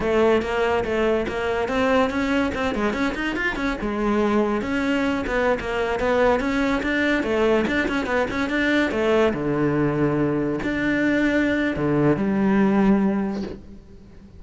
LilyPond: \new Staff \with { instrumentName = "cello" } { \time 4/4 \tempo 4 = 143 a4 ais4 a4 ais4 | c'4 cis'4 c'8 gis8 cis'8 dis'8 | f'8 cis'8 gis2 cis'4~ | cis'8 b8. ais4 b4 cis'8.~ |
cis'16 d'4 a4 d'8 cis'8 b8 cis'16~ | cis'16 d'4 a4 d4.~ d16~ | d4~ d16 d'2~ d'8. | d4 g2. | }